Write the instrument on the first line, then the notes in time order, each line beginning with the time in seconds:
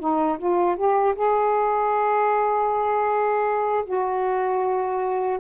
saxophone
0.00 D#4
0.39 F4
0.77 G4
1.16 G#4
3.86 F#4